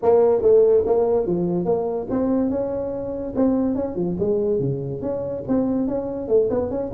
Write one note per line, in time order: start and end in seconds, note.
0.02 0.42 A#3
0.42 0.84 A3
0.86 1.26 A#3
1.26 1.65 F3
1.65 2.07 A#3
2.10 2.49 C4
2.49 3.33 C#4
3.35 3.75 C4
3.75 3.95 C#4
3.95 4.16 F3
4.19 4.59 G#3
4.59 5.01 C#3
5.01 5.43 C#4
5.48 5.87 C4
5.87 6.28 C#4
6.28 6.49 A3
6.50 6.70 B3
6.70 6.91 C#4